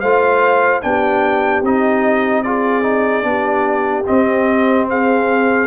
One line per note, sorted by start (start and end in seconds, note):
0.00 0.83 A3
0.00 0.82 F4
0.00 0.82 C5
0.00 0.81 F5
0.82 1.62 B3
0.82 1.63 D4
0.82 2.45 G4
0.82 1.63 G5
1.62 3.24 C4
1.62 2.45 D#4
1.62 2.43 D#5
2.43 2.82 F4
2.43 3.26 G#4
2.43 4.05 D5
2.82 3.22 D#4
3.22 4.05 B3
3.22 4.04 D4
3.29 4.89 G4
4.06 5.67 C4
4.06 4.88 D#5
4.89 5.67 G#4
4.89 5.67 F5